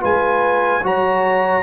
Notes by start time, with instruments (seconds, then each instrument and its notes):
0.00 tuba G#3, trombone F4, horn B4, trumpet G#5
0.83 tuba F#3, trombone F#4, horn C#5, trumpet A#5